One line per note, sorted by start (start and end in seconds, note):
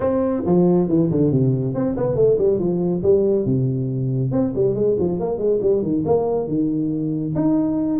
0.00 0.43 C4
0.45 0.88 F3
0.88 1.09 E3
1.10 1.31 D3
1.31 1.74 C3
1.74 1.95 C4
1.97 2.15 B3
2.15 2.37 A3
2.38 2.59 G3
2.59 3.02 F3
3.02 3.45 G3
3.45 4.31 C3
4.31 4.53 C4
4.55 4.74 G3
4.74 4.96 G#3
4.99 5.19 F3
5.19 5.38 A#3
5.38 5.59 G#3
5.61 5.82 G3
5.82 6.04 D#3
6.05 6.48 A#3
6.48 7.34 D#3
7.35 7.99 D#4